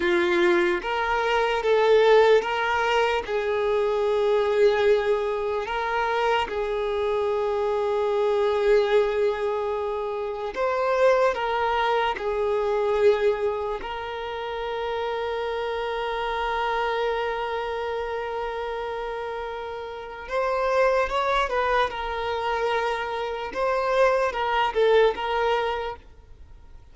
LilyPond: \new Staff \with { instrumentName = "violin" } { \time 4/4 \tempo 4 = 74 f'4 ais'4 a'4 ais'4 | gis'2. ais'4 | gis'1~ | gis'4 c''4 ais'4 gis'4~ |
gis'4 ais'2.~ | ais'1~ | ais'4 c''4 cis''8 b'8 ais'4~ | ais'4 c''4 ais'8 a'8 ais'4 | }